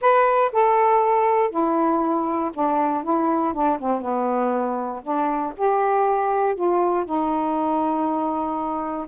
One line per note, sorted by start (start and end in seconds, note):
0.01 0.51 B4
0.52 1.50 A4
1.50 2.51 E4
2.54 3.03 D4
3.03 3.53 E4
3.53 3.79 D4
3.79 4.01 C4
4.01 5.01 B3
5.03 5.53 D4
5.57 6.55 G4
6.55 7.05 F4
7.05 9.06 D#4